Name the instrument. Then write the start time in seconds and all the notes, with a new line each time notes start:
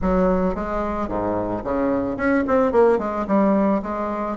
bassoon
0.01 F#3
0.54 G#3
1.08 G#2
1.64 C#3
2.16 C#4
2.47 C4
2.72 A#3
2.98 G#3
3.27 G3
3.82 G#3